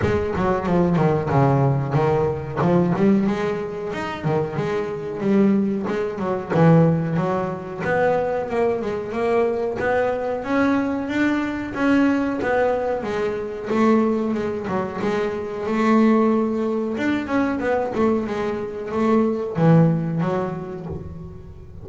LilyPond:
\new Staff \with { instrumentName = "double bass" } { \time 4/4 \tempo 4 = 92 gis8 fis8 f8 dis8 cis4 dis4 | f8 g8 gis4 dis'8 dis8 gis4 | g4 gis8 fis8 e4 fis4 | b4 ais8 gis8 ais4 b4 |
cis'4 d'4 cis'4 b4 | gis4 a4 gis8 fis8 gis4 | a2 d'8 cis'8 b8 a8 | gis4 a4 e4 fis4 | }